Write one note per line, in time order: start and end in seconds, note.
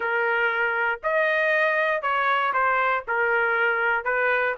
0.00 1.00 A#4
1.03 2.02 D#5
2.02 2.53 C#5
2.53 3.04 C5
3.07 4.04 A#4
4.04 4.55 B4